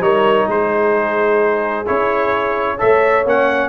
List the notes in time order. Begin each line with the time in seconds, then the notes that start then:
0.00 G3 D#4 A#4 C#5
0.46 G#3 G#4 C5
1.86 C#4 E4 C#5
2.77 A3 A4 C#5 E5
3.25 A#3 C#4 F#5